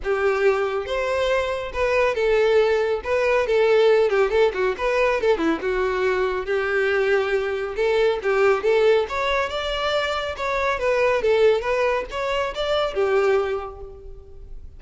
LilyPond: \new Staff \with { instrumentName = "violin" } { \time 4/4 \tempo 4 = 139 g'2 c''2 | b'4 a'2 b'4 | a'4. g'8 a'8 fis'8 b'4 | a'8 e'8 fis'2 g'4~ |
g'2 a'4 g'4 | a'4 cis''4 d''2 | cis''4 b'4 a'4 b'4 | cis''4 d''4 g'2 | }